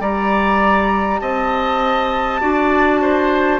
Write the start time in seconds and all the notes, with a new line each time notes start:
0.00 G3 G4 D5 A#5
1.20 C4 D#5 A5
2.41 D4 F#4 D5
3.01 C5